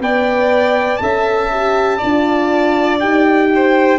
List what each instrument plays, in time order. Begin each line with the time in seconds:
0.00 tuba B3, horn B4, violin D5, trumpet G5
0.97 tuba C#4, horn A4, violin E5, trumpet A5
1.51 horn G4
1.97 horn F4, violin D5
2.04 tuba D4
3.00 tuba D#4, horn G4, trumpet G5
3.55 violin C5